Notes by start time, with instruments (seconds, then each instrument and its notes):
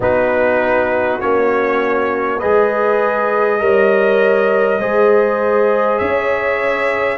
0.00 tuba B3, trombone D#4, horn F#4, trumpet B4
1.20 tuba A#3, trombone C#4, trumpet C#5
2.38 tuba G#3, trombone G#4, horn B4, trumpet D#5
3.59 tuba G3, trombone A#4, horn C#5
4.80 tuba G#3, trombone G#4, horn C5
5.98 tuba C#4, horn C#5, trumpet E5